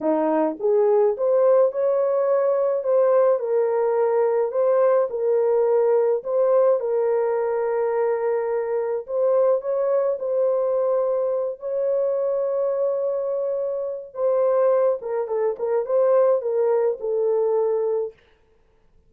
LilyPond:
\new Staff \with { instrumentName = "horn" } { \time 4/4 \tempo 4 = 106 dis'4 gis'4 c''4 cis''4~ | cis''4 c''4 ais'2 | c''4 ais'2 c''4 | ais'1 |
c''4 cis''4 c''2~ | c''8 cis''2.~ cis''8~ | cis''4 c''4. ais'8 a'8 ais'8 | c''4 ais'4 a'2 | }